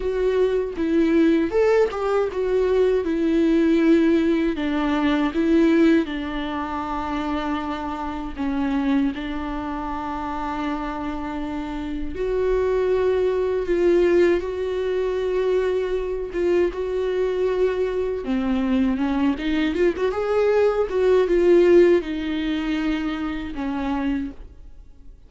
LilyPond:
\new Staff \with { instrumentName = "viola" } { \time 4/4 \tempo 4 = 79 fis'4 e'4 a'8 g'8 fis'4 | e'2 d'4 e'4 | d'2. cis'4 | d'1 |
fis'2 f'4 fis'4~ | fis'4. f'8 fis'2 | c'4 cis'8 dis'8 f'16 fis'16 gis'4 fis'8 | f'4 dis'2 cis'4 | }